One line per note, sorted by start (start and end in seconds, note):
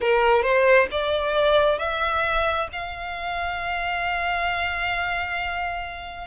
0.00 0.42 A#4
0.42 0.87 C5
0.91 1.78 D5
1.78 2.67 E5
2.72 6.27 F5